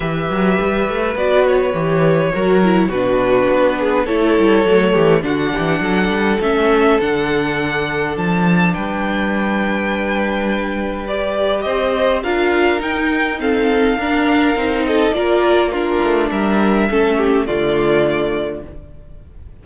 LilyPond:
<<
  \new Staff \with { instrumentName = "violin" } { \time 4/4 \tempo 4 = 103 e''2 d''8 cis''4.~ | cis''4 b'2 cis''4~ | cis''4 fis''2 e''4 | fis''2 a''4 g''4~ |
g''2. d''4 | dis''4 f''4 g''4 f''4~ | f''4. dis''8 d''4 ais'4 | e''2 d''2 | }
  \new Staff \with { instrumentName = "violin" } { \time 4/4 b'1 | ais'4 fis'4. gis'8 a'4~ | a'8 g'8 fis'8 g'8 a'2~ | a'2. b'4~ |
b'1 | c''4 ais'2 a'4 | ais'4. a'8 ais'4 f'4 | ais'4 a'8 g'8 f'2 | }
  \new Staff \with { instrumentName = "viola" } { \time 4/4 g'2 fis'4 g'4 | fis'8 e'8 d'2 e'4 | a4 d'2 cis'4 | d'1~ |
d'2. g'4~ | g'4 f'4 dis'4 c'4 | d'4 dis'4 f'4 d'4~ | d'4 cis'4 a2 | }
  \new Staff \with { instrumentName = "cello" } { \time 4/4 e8 fis8 g8 a8 b4 e4 | fis4 b,4 b4 a8 g8 | fis8 e8 d8 e8 fis8 g8 a4 | d2 f4 g4~ |
g1 | c'4 d'4 dis'2 | d'4 c'4 ais4. a8 | g4 a4 d2 | }
>>